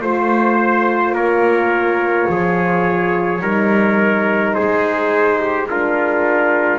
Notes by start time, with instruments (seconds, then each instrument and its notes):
0.00 double bass A3, horn F4, trumpet C5
1.12 double bass A#3, trumpet A#4 C#5
2.29 double bass F3, trumpet G#4
3.41 double bass G3, horn D#4, trumpet A#4
4.53 double bass G#3, trumpet G#4 C5
5.40 trumpet G4
5.69 horn D4, trumpet F4 A#4